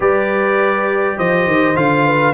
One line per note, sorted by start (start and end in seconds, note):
0.00 1.18 G3
0.00 1.75 G4
0.00 1.17 B4
0.00 1.18 D5
1.17 1.46 F3
1.17 2.05 C5
1.17 1.76 D#5
1.46 1.75 D#3
1.75 2.33 D3
1.75 2.33 F4
1.75 2.33 F5
2.05 2.33 B4